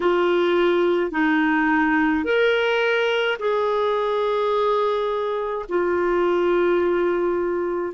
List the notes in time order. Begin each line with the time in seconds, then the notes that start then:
0.00 F4
1.11 D#4
2.24 A#4
3.39 G#4
5.69 F4